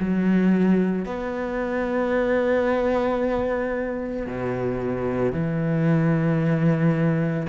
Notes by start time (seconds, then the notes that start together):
0.00 F#3
1.05 B3
4.26 B2
5.32 E3